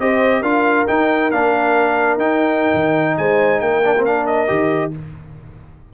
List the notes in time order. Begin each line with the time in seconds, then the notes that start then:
0.00 C4 G4 C5 D#5
0.41 D4 F4 A#4 F5
0.88 D#4 G5
1.31 A#3 D4 F5
2.17 D#4 G5
2.74 D#3
3.18 G#3 C5 G#5
3.61 A#3 A#4 G5
3.85 D4
3.98 C4
4.05 D4 F5
4.26 D#5
4.48 D#3 G4